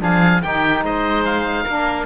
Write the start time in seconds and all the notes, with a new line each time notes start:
0.00 F3 D4 G#4 F5
0.43 D#3 D#4 G4 G5
0.83 G#3 C5 D#5
1.25 F5
1.64 A#3 D4 A#4